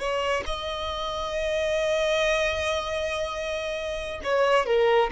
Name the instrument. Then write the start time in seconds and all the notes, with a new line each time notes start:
violin
0.00 C#5
0.47 D#5
4.24 C#5
4.66 A#4